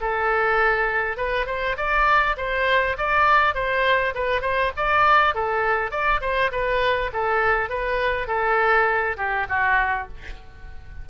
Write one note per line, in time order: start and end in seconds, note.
0.00 1.17 A4
1.17 1.46 B4
1.46 1.76 C5
1.76 2.36 D5
2.37 2.96 C5
2.97 3.54 D5
3.54 4.13 C5
4.14 4.41 B4
4.41 4.71 C5
4.76 5.34 D5
5.34 5.91 A4
5.91 6.20 D5
6.21 6.50 C5
6.51 7.11 B4
7.13 7.69 A4
7.69 8.27 B4
8.27 9.16 A4
9.16 9.46 G4
9.49 10.08 F#4